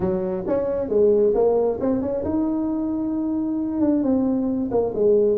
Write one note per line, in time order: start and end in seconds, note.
0.00 0.44 F#3
0.47 0.88 C#4
0.88 1.33 G#3
1.35 1.79 A#3
1.80 2.01 C4
2.01 2.23 C#4
2.24 3.80 D#4
3.80 4.03 D4
4.03 4.70 C4
4.71 4.93 A#3
4.94 5.37 G#3